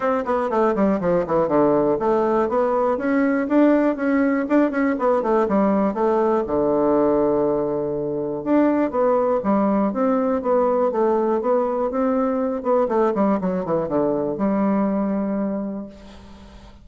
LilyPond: \new Staff \with { instrumentName = "bassoon" } { \time 4/4 \tempo 4 = 121 c'8 b8 a8 g8 f8 e8 d4 | a4 b4 cis'4 d'4 | cis'4 d'8 cis'8 b8 a8 g4 | a4 d2.~ |
d4 d'4 b4 g4 | c'4 b4 a4 b4 | c'4. b8 a8 g8 fis8 e8 | d4 g2. | }